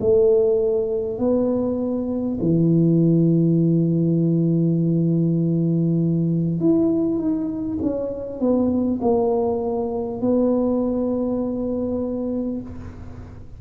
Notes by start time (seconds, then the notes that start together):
0.00 A3
1.18 B3
2.40 E3
6.60 E4
7.18 D#4
7.82 C#4
8.40 B3
9.01 A#3
10.21 B3